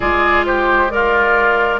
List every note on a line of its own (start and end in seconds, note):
0.00 1.80 G#3
0.00 0.90 F4
0.00 0.45 G#4
0.00 0.44 D5
0.45 0.91 G4
0.45 0.89 C5
0.89 1.80 F4
0.89 1.80 A#4
0.89 1.80 D5